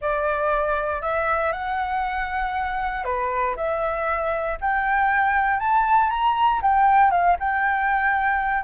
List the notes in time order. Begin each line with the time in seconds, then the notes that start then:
0.01 D5
1.01 E5
1.52 F#5
3.04 B4
3.56 E5
4.60 G5
5.59 A5
6.09 A#5
6.62 G5
7.10 F5
7.39 G5